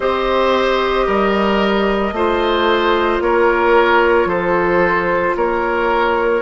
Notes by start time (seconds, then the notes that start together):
0.00 C4 G4 C5 D#5
1.06 G3 A#4
2.12 A3 F4 C5
3.20 A#3 A#4 C#5
4.25 F3 A4 C5
5.35 A#3 A#4 C#5